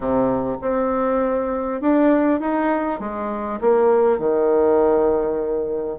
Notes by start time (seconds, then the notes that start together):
0.00 C3
0.61 C4
1.81 D4
2.40 D#4
2.99 G#3
3.60 A#3
4.18 D#3